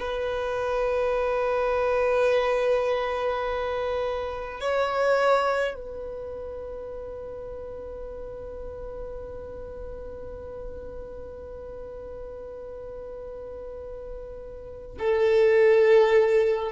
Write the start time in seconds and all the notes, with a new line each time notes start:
0.00 B4
4.60 C#5
5.75 B4
14.99 A4